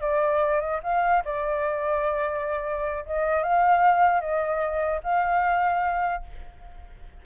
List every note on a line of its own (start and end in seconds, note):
0.00 0.60 D5
0.60 0.80 D#5
0.83 1.23 F5
1.24 3.04 D5
3.05 3.43 D#5
3.43 4.20 F5
4.20 5.00 D#5
5.03 6.23 F5